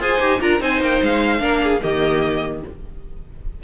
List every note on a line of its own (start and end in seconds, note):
0.00 0.20 F4
0.00 0.21 G#4
0.00 0.40 C5
0.00 0.41 G#5
0.21 0.41 D#4
0.21 0.41 G4
0.41 0.61 D4
0.41 0.61 F4
0.41 0.61 A#4
0.41 0.61 A#5
0.61 0.81 C4
0.61 1.39 D#4
0.61 1.41 C5
0.61 0.83 G#5
0.81 1.01 A#3
0.81 1.03 G5
1.03 1.41 G#3
1.03 1.83 F5
1.39 1.81 A#3
1.39 1.79 D4
1.39 1.62 A#4
1.63 1.83 G#4
1.82 2.64 D#3
1.82 2.62 A#3
1.82 2.63 G4
1.82 2.63 D#5